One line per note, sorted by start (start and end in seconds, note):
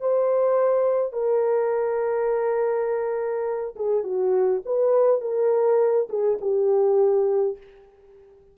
0.00 1.13 C5
1.13 3.75 A#4
3.75 4.03 G#4
4.03 4.62 F#4
4.65 5.21 B4
5.21 6.08 A#4
6.09 6.38 G#4
6.41 7.57 G4